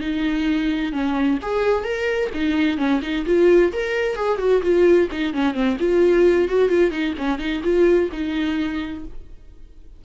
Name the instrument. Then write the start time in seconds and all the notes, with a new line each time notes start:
viola
0.00 D#4
0.92 C#4
1.42 G#4
1.84 A#4
2.33 D#4
2.77 C#4
3.02 D#4
3.26 F4
3.72 A#4
4.15 G#4
4.38 F#4
4.62 F4
5.11 D#4
5.33 C#4
5.54 C4
5.79 F4
6.48 F#4
6.69 F4
6.91 D#4
7.18 C#4
7.38 D#4
7.63 F4
8.12 D#4